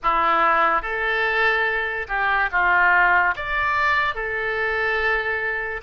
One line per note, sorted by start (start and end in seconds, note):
0.02 0.82 E4
0.82 2.07 A4
2.08 2.49 G4
2.51 3.34 F4
3.35 4.14 D5
4.14 5.81 A4